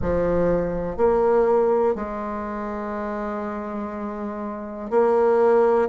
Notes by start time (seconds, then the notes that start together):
0.01 F3
0.97 A#3
1.95 G#3
4.90 A#3